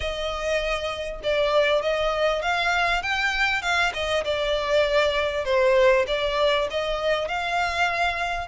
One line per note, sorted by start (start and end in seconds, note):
0.00 1.20 D#5
1.23 1.82 D5
1.82 2.41 D#5
2.41 3.02 F5
3.02 3.62 G5
3.62 3.92 F5
3.93 4.24 D#5
4.24 5.44 D5
5.44 6.05 C5
6.07 6.67 D5
6.70 7.28 D#5
7.28 8.48 F5